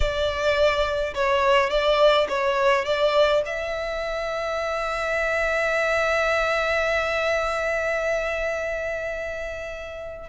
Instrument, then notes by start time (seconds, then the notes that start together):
violin
0.00 D5
1.14 C#5
1.70 D5
2.29 C#5
2.85 D5
3.45 E5